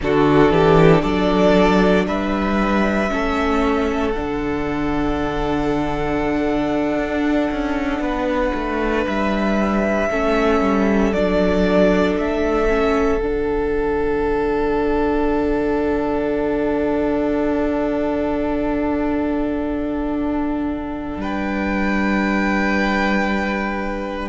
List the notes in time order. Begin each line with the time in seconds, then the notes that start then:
0.00 D3 D4 F#4 A4
0.50 E3 G4
1.02 F#3 A4 D5
2.06 G3 B4 E5
3.09 A3 C#4 A4
4.11 D4 F#5
4.18 D3
6.98 D4
7.50 C#4
7.99 B3 B4
8.54 A3
9.06 G3 E5
10.10 A3 C#4 A4
10.60 G3
11.12 F#3 D4 D5
12.17 A3 E5
12.67 C#4
13.17 D3 D4 F#5
21.17 G3 B4 G5